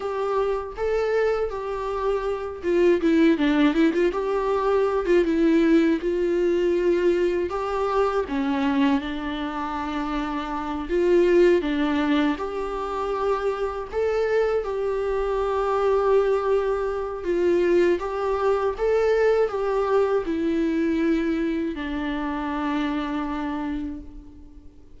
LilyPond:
\new Staff \with { instrumentName = "viola" } { \time 4/4 \tempo 4 = 80 g'4 a'4 g'4. f'8 | e'8 d'8 e'16 f'16 g'4~ g'16 f'16 e'4 | f'2 g'4 cis'4 | d'2~ d'8 f'4 d'8~ |
d'8 g'2 a'4 g'8~ | g'2. f'4 | g'4 a'4 g'4 e'4~ | e'4 d'2. | }